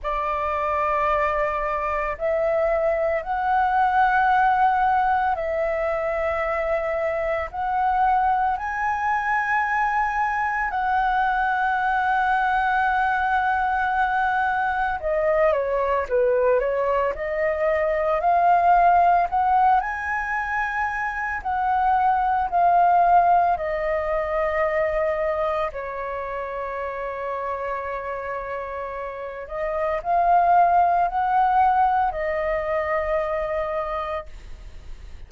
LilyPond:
\new Staff \with { instrumentName = "flute" } { \time 4/4 \tempo 4 = 56 d''2 e''4 fis''4~ | fis''4 e''2 fis''4 | gis''2 fis''2~ | fis''2 dis''8 cis''8 b'8 cis''8 |
dis''4 f''4 fis''8 gis''4. | fis''4 f''4 dis''2 | cis''2.~ cis''8 dis''8 | f''4 fis''4 dis''2 | }